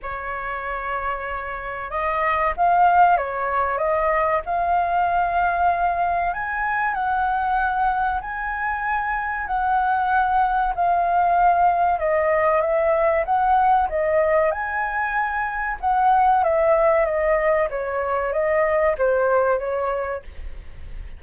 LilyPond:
\new Staff \with { instrumentName = "flute" } { \time 4/4 \tempo 4 = 95 cis''2. dis''4 | f''4 cis''4 dis''4 f''4~ | f''2 gis''4 fis''4~ | fis''4 gis''2 fis''4~ |
fis''4 f''2 dis''4 | e''4 fis''4 dis''4 gis''4~ | gis''4 fis''4 e''4 dis''4 | cis''4 dis''4 c''4 cis''4 | }